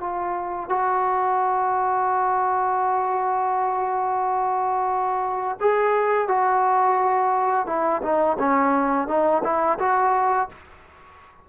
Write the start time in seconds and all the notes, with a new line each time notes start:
0.00 F4
0.69 F#4
5.60 G#4
6.28 F#4
7.66 E4
8.02 D#4
8.39 C#4
9.07 D#4
9.43 E4
9.79 F#4